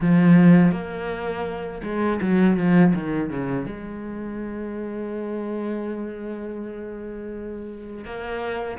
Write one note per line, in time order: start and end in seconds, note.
0.00 0.72 F3
0.72 1.81 A#3
1.83 2.20 G#3
2.21 2.56 F#3
2.56 2.93 F3
2.94 3.30 D#3
3.30 3.66 C#3
3.66 8.05 G#3
8.05 8.78 A#3